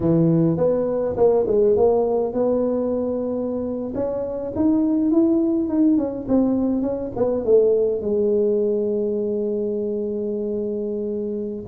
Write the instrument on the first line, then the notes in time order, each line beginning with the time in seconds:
tuba
0.00 E3
0.57 B3
1.17 A#3
1.47 G#3
1.76 A#3
2.33 B3
3.94 C#4
4.55 D#4
5.11 E4
5.68 D#4
5.97 C#4
6.28 C4
6.82 C#4
7.16 B3
7.44 A3
8.01 G#3